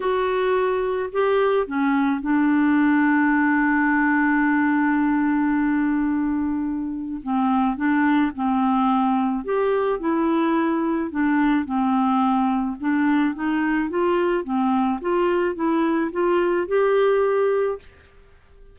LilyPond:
\new Staff \with { instrumentName = "clarinet" } { \time 4/4 \tempo 4 = 108 fis'2 g'4 cis'4 | d'1~ | d'1~ | d'4 c'4 d'4 c'4~ |
c'4 g'4 e'2 | d'4 c'2 d'4 | dis'4 f'4 c'4 f'4 | e'4 f'4 g'2 | }